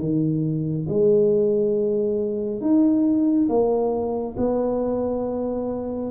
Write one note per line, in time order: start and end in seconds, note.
0.00 0.87 D#3
0.89 2.61 G#3
2.61 3.48 D#4
3.49 4.36 A#3
4.38 6.11 B3